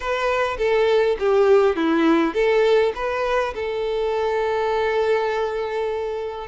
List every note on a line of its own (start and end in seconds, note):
0.00 0.57 B4
0.57 1.16 A4
1.19 1.76 G4
1.76 2.33 E4
2.33 2.92 A4
2.95 3.53 B4
3.54 6.47 A4